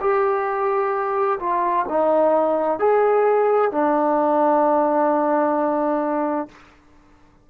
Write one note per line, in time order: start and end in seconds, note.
0.00 1.38 G4
1.39 1.85 F4
1.88 2.79 D#4
2.79 3.71 G#4
3.71 6.48 D4